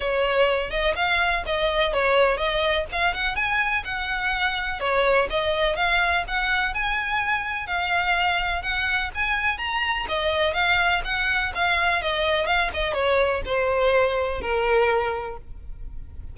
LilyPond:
\new Staff \with { instrumentName = "violin" } { \time 4/4 \tempo 4 = 125 cis''4. dis''8 f''4 dis''4 | cis''4 dis''4 f''8 fis''8 gis''4 | fis''2 cis''4 dis''4 | f''4 fis''4 gis''2 |
f''2 fis''4 gis''4 | ais''4 dis''4 f''4 fis''4 | f''4 dis''4 f''8 dis''8 cis''4 | c''2 ais'2 | }